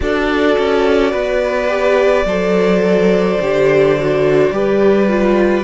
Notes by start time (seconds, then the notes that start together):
0.00 D4 F#4 A4 D5
0.58 C#4
1.11 B3 B4
1.68 G4
2.24 F#3 A4 C5
3.41 D3 G4
3.99 F#4
4.50 G3 G4 B4
5.08 F4